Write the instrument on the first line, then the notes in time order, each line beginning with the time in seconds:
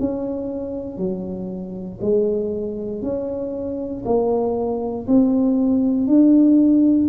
tuba
0.00 C#4
0.98 F#3
2.02 G#3
3.02 C#4
4.05 A#3
5.08 C4
6.07 D4